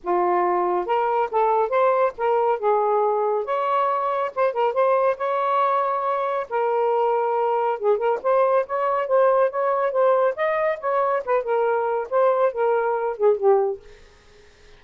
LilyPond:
\new Staff \with { instrumentName = "saxophone" } { \time 4/4 \tempo 4 = 139 f'2 ais'4 a'4 | c''4 ais'4 gis'2 | cis''2 c''8 ais'8 c''4 | cis''2. ais'4~ |
ais'2 gis'8 ais'8 c''4 | cis''4 c''4 cis''4 c''4 | dis''4 cis''4 b'8 ais'4. | c''4 ais'4. gis'8 g'4 | }